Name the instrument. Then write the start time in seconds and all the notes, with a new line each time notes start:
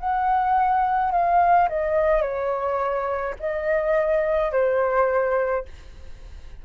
flute
0.00 F#5
1.12 F5
1.69 D#5
2.22 C#5
3.40 D#5
4.52 C5